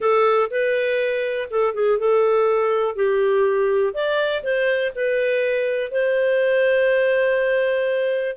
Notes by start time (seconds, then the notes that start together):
0.00 A4
0.50 B4
1.50 A4
1.74 G#4
1.99 A4
2.95 G4
3.93 D5
4.43 C5
4.95 B4
5.91 C5